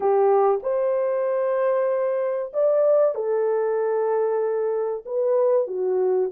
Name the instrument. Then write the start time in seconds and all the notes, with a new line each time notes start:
horn
0.00 G4
0.62 C5
2.53 D5
3.14 A4
5.05 B4
5.67 F#4